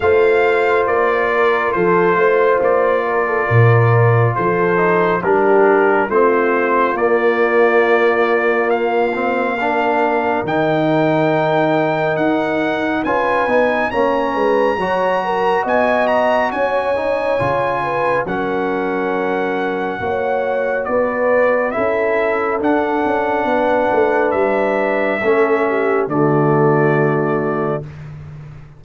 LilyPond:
<<
  \new Staff \with { instrumentName = "trumpet" } { \time 4/4 \tempo 4 = 69 f''4 d''4 c''4 d''4~ | d''4 c''4 ais'4 c''4 | d''2 f''2 | g''2 fis''4 gis''4 |
ais''2 gis''8 ais''8 gis''4~ | gis''4 fis''2. | d''4 e''4 fis''2 | e''2 d''2 | }
  \new Staff \with { instrumentName = "horn" } { \time 4/4 c''4. ais'8 a'8 c''4 ais'16 a'16 | ais'4 a'4 g'4 f'4~ | f'2. ais'4~ | ais'2. b'4 |
cis''8 b'8 cis''8 ais'8 dis''4 cis''4~ | cis''8 b'8 ais'2 cis''4 | b'4 a'2 b'4~ | b'4 a'8 g'8 fis'2 | }
  \new Staff \with { instrumentName = "trombone" } { \time 4/4 f'1~ | f'4. dis'8 d'4 c'4 | ais2~ ais8 c'8 d'4 | dis'2. f'8 dis'8 |
cis'4 fis'2~ fis'8 dis'8 | f'4 cis'2 fis'4~ | fis'4 e'4 d'2~ | d'4 cis'4 a2 | }
  \new Staff \with { instrumentName = "tuba" } { \time 4/4 a4 ais4 f8 a8 ais4 | ais,4 f4 g4 a4 | ais1 | dis2 dis'4 cis'8 b8 |
ais8 gis8 fis4 b4 cis'4 | cis4 fis2 ais4 | b4 cis'4 d'8 cis'8 b8 a8 | g4 a4 d2 | }
>>